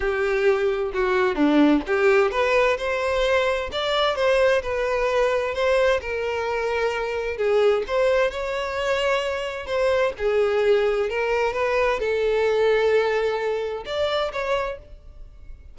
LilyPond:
\new Staff \with { instrumentName = "violin" } { \time 4/4 \tempo 4 = 130 g'2 fis'4 d'4 | g'4 b'4 c''2 | d''4 c''4 b'2 | c''4 ais'2. |
gis'4 c''4 cis''2~ | cis''4 c''4 gis'2 | ais'4 b'4 a'2~ | a'2 d''4 cis''4 | }